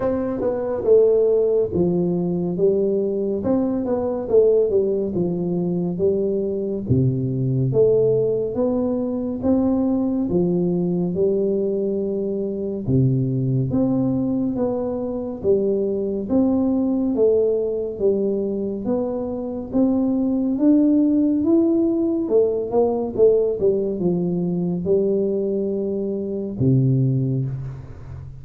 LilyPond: \new Staff \with { instrumentName = "tuba" } { \time 4/4 \tempo 4 = 70 c'8 b8 a4 f4 g4 | c'8 b8 a8 g8 f4 g4 | c4 a4 b4 c'4 | f4 g2 c4 |
c'4 b4 g4 c'4 | a4 g4 b4 c'4 | d'4 e'4 a8 ais8 a8 g8 | f4 g2 c4 | }